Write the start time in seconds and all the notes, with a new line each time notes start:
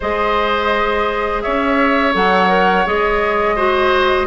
0.00 G#3 G#4 C5 D#5
1.42 C#4 C#5 E5
2.13 F#3 A4 F#5
2.48 A#4
2.85 G#3 G#4 D#5
3.55 F#4 C5